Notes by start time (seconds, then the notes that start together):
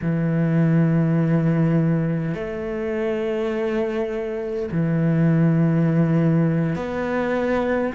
0.01 E3
2.34 A3
4.71 E3
6.75 B3